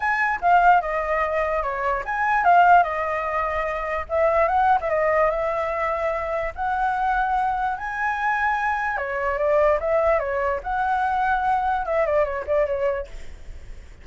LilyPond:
\new Staff \with { instrumentName = "flute" } { \time 4/4 \tempo 4 = 147 gis''4 f''4 dis''2 | cis''4 gis''4 f''4 dis''4~ | dis''2 e''4 fis''8. e''16 | dis''4 e''2. |
fis''2. gis''4~ | gis''2 cis''4 d''4 | e''4 cis''4 fis''2~ | fis''4 e''8 d''8 cis''8 d''8 cis''4 | }